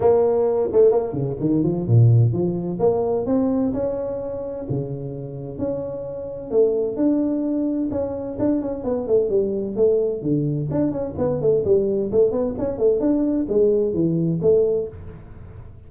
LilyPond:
\new Staff \with { instrumentName = "tuba" } { \time 4/4 \tempo 4 = 129 ais4. a8 ais8 cis8 dis8 f8 | ais,4 f4 ais4 c'4 | cis'2 cis2 | cis'2 a4 d'4~ |
d'4 cis'4 d'8 cis'8 b8 a8 | g4 a4 d4 d'8 cis'8 | b8 a8 g4 a8 b8 cis'8 a8 | d'4 gis4 e4 a4 | }